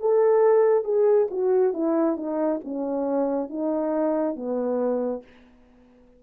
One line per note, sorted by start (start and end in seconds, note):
0.00 0.84 A4
0.84 1.28 G#4
1.30 1.73 F#4
1.73 2.17 E4
2.17 2.60 D#4
2.64 3.49 C#4
3.49 4.36 D#4
4.36 5.23 B3